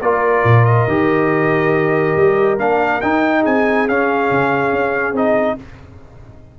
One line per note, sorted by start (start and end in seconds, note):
0.00 0.43 A#3
0.00 0.88 F4
0.00 3.41 A#4
0.00 0.65 D5
0.43 0.86 A#2
0.65 2.58 D#5
0.87 2.15 D#3
0.87 2.58 G4
2.16 2.58 G3
2.58 3.01 A#3
2.58 3.01 D4
2.58 3.01 F5
3.01 3.45 D#4
3.01 3.88 D#4
3.01 3.43 G5
3.41 3.88 C4
3.41 5.55 G#4
3.41 3.88 G#5
3.88 4.30 C#4
3.88 5.15 C#4
3.88 5.16 F5
4.30 4.72 C#3
4.72 5.12 C#4
5.12 5.55 C4
5.12 5.57 D#4
5.12 5.59 D#5